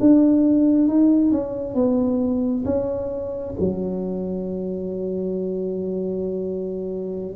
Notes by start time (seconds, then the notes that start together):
0.00 D4
0.88 D#4
1.31 C#4
1.75 B3
2.65 C#4
3.59 F#3